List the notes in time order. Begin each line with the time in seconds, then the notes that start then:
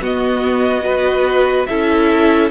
0.00 B3 F#4 D#5
0.82 F#4 B4
1.66 C#4 E4 A4 E5